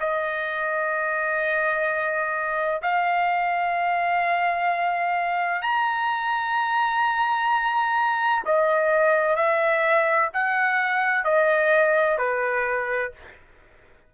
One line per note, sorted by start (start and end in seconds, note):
0.00 2.81 D#5
2.82 5.62 F5
5.62 8.43 A#5
8.45 9.36 D#5
9.36 10.30 E5
10.34 11.25 F#5
11.25 12.18 D#5
12.18 13.12 B4